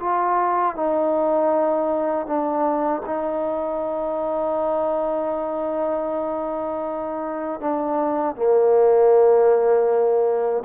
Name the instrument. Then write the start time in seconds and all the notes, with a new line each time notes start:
trombone
0.00 F4
0.75 D#4
2.26 D4
3.06 D#4
7.61 D4
8.35 A#3